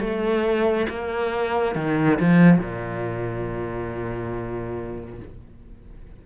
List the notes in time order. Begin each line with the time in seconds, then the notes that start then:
0.00 A3
0.90 A#3
1.75 D#3
2.20 F3
2.58 A#2